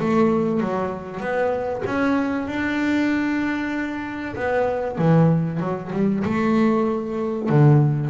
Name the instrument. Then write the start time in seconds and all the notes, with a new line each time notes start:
double bass
0.00 A3
0.61 F#3
1.21 B3
1.86 C#4
2.48 D4
4.36 B3
4.98 E3
5.61 F#3
5.93 G3
6.25 A3
7.49 D3